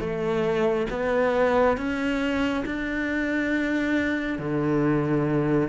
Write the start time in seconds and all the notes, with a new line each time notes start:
0.00 A3
0.90 B3
1.77 C#4
2.66 D4
4.39 D3